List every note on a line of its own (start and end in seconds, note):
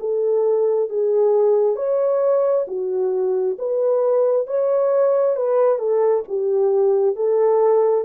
0.00 0.90 A4
0.90 1.76 G#4
1.76 2.66 C#5
2.68 3.57 F#4
3.59 4.47 B4
4.47 5.36 C#5
5.36 5.79 B4
5.79 6.24 A4
6.28 7.16 G4
7.16 8.05 A4